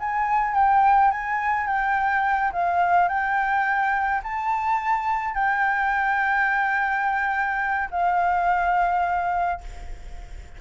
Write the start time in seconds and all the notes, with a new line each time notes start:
0.00 G#5
0.55 G5
1.12 G#5
1.67 G5
2.53 F5
3.09 G5
4.24 A5
5.35 G5
7.91 F5